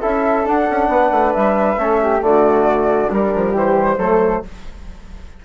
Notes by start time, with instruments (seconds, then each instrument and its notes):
0.00 bassoon C#4, trombone E4, flute A4 E5
0.44 trombone D4, bassoon D4, flute F#5
0.70 bassoon C#4
0.88 bassoon B3, flute B4
1.11 bassoon A3
1.33 bassoon G3, flute E5
1.77 bassoon A3, trombone C#4, flute A4
2.02 flute G4
2.20 bassoon D3, trombone A3, flute F#4 D5
3.09 trombone G3, bassoon G3, flute D4 A#4
3.35 bassoon F3
3.51 bassoon E3, flute G4 C5
3.97 bassoon F#3, trombone A3, flute A4